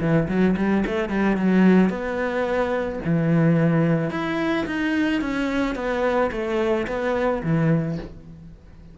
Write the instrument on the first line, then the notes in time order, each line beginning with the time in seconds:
cello
0.00 E3
0.28 F#3
0.56 G3
0.86 A3
1.09 G3
1.37 F#3
1.89 B3
3.05 E3
4.10 E4
4.66 D#4
5.21 C#4
5.75 B3
6.32 A3
6.87 B3
7.43 E3